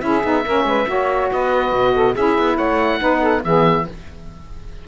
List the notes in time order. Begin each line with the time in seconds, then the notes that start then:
0.00 C#4 E4 G#4 E5
0.22 B3 D#4
0.44 A#3 C#4 A#4
0.64 G#3 B4
0.86 A#3 F#4 C#5
1.30 B3 B4 D#5
1.72 B2
1.94 A4
2.13 C#4 E4 G#4 E5
2.38 B3
2.55 A3 C#5 F#5
2.99 B3 D#4 B4
3.20 A4
3.44 E3 B3 G#4 E5